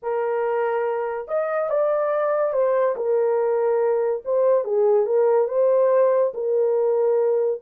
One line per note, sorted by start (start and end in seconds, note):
0.02 1.28 A#4
1.28 1.69 D#5
1.69 2.52 D5
2.52 2.95 C5
2.96 4.22 A#4
4.24 4.64 C5
4.64 5.06 G#4
5.06 5.48 A#4
5.48 6.32 C5
6.34 7.60 A#4